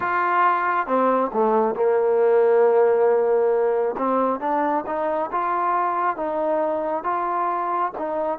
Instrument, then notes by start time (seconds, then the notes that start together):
trombone
0.00 F4
0.86 C4
1.33 A3
1.74 A#3
3.97 C4
4.40 D4
4.86 D#4
5.31 F4
6.16 D#4
7.03 F4
7.97 D#4